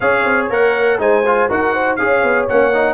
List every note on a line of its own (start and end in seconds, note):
0.00 0.24 C#4
0.00 0.50 G#4
0.00 1.00 C#5
0.00 0.47 F5
0.24 0.49 C4
0.49 0.98 A#3
0.49 0.98 A#4
0.49 1.00 F#5
0.98 1.48 G#3
0.98 1.23 D#4
0.98 1.49 C5
0.98 1.50 G#5
1.26 1.49 F4
1.49 1.99 D#4
1.49 1.98 F#4
1.49 1.73 A#4
1.49 1.96 F#5
1.73 1.98 C5
1.96 2.23 C#4
1.96 2.48 G#4
1.96 2.93 C#5
1.96 2.45 F5
2.23 2.48 B3
2.48 2.93 A#3
2.48 2.73 C#4
2.48 2.93 F#5
2.73 2.93 D#4